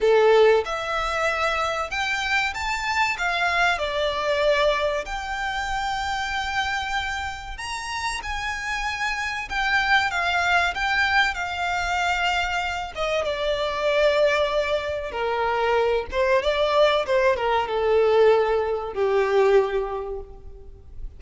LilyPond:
\new Staff \with { instrumentName = "violin" } { \time 4/4 \tempo 4 = 95 a'4 e''2 g''4 | a''4 f''4 d''2 | g''1 | ais''4 gis''2 g''4 |
f''4 g''4 f''2~ | f''8 dis''8 d''2. | ais'4. c''8 d''4 c''8 ais'8 | a'2 g'2 | }